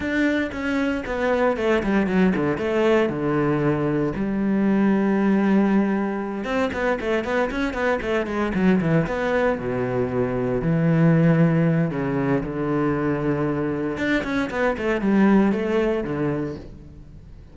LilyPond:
\new Staff \with { instrumentName = "cello" } { \time 4/4 \tempo 4 = 116 d'4 cis'4 b4 a8 g8 | fis8 d8 a4 d2 | g1~ | g8 c'8 b8 a8 b8 cis'8 b8 a8 |
gis8 fis8 e8 b4 b,4.~ | b,8 e2~ e8 cis4 | d2. d'8 cis'8 | b8 a8 g4 a4 d4 | }